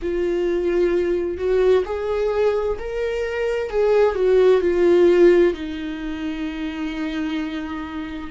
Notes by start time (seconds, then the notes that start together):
0.02 F4
1.37 F#4
1.85 G#4
2.78 A#4
3.69 G#4
4.15 F#4
4.61 F4
5.53 D#4